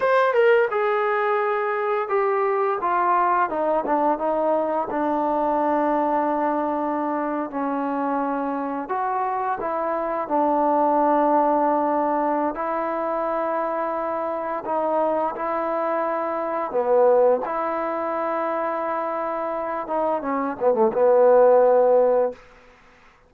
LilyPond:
\new Staff \with { instrumentName = "trombone" } { \time 4/4 \tempo 4 = 86 c''8 ais'8 gis'2 g'4 | f'4 dis'8 d'8 dis'4 d'4~ | d'2~ d'8. cis'4~ cis'16~ | cis'8. fis'4 e'4 d'4~ d'16~ |
d'2 e'2~ | e'4 dis'4 e'2 | b4 e'2.~ | e'8 dis'8 cis'8 b16 a16 b2 | }